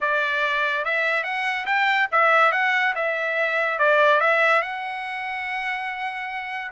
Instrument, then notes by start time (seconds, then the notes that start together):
trumpet
0.00 D5
0.84 E5
1.23 F#5
1.66 G5
2.11 E5
2.52 F#5
2.95 E5
3.78 D5
4.20 E5
4.62 F#5